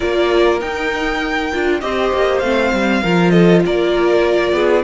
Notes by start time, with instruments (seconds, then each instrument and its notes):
0.00 cello A#3, viola F4, violin A#4 D5
0.59 viola D#4, cello D#4, violin G5
1.52 cello D4, viola F4
1.80 cello C4, viola G4, violin C5 D#5
2.13 cello A#3
2.39 cello A3, viola C4, violin F5
2.72 cello G3
3.02 cello F3, viola F4, violin A#4
3.30 violin A4 D#5
3.66 cello A#3, violin A#4 D5
4.52 cello B3, violin G#4